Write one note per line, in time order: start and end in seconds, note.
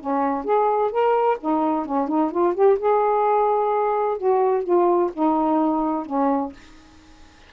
0.00 0.44 C#4
0.44 0.91 G#4
0.91 1.37 A#4
1.40 1.85 D#4
1.85 2.08 C#4
2.08 2.31 D#4
2.31 2.54 F4
2.54 2.78 G4
2.78 4.17 G#4
4.17 4.63 F#4
4.63 5.10 F4
5.13 6.05 D#4
6.05 6.52 C#4